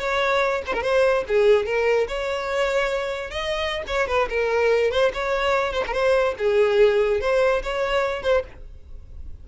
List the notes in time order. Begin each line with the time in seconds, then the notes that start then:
0.00 C#5
0.67 C5
0.74 A#4
0.83 C5
1.29 G#4
1.66 A#4
2.09 C#5
3.31 D#5
3.87 C#5
4.08 B4
4.30 A#4
4.92 C5
5.14 C#5
5.73 C5
5.87 A#4
5.93 C5
6.39 G#4
7.21 C5
7.63 C#5
8.23 C5